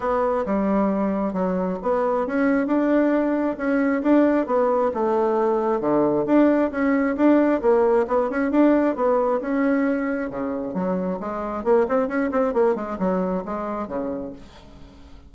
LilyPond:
\new Staff \with { instrumentName = "bassoon" } { \time 4/4 \tempo 4 = 134 b4 g2 fis4 | b4 cis'4 d'2 | cis'4 d'4 b4 a4~ | a4 d4 d'4 cis'4 |
d'4 ais4 b8 cis'8 d'4 | b4 cis'2 cis4 | fis4 gis4 ais8 c'8 cis'8 c'8 | ais8 gis8 fis4 gis4 cis4 | }